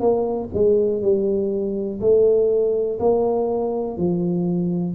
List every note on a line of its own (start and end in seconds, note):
0.00 0.49 A#3
0.53 1.01 G#3
1.01 2.00 G3
2.00 2.99 A3
2.99 3.97 A#3
3.97 4.94 F3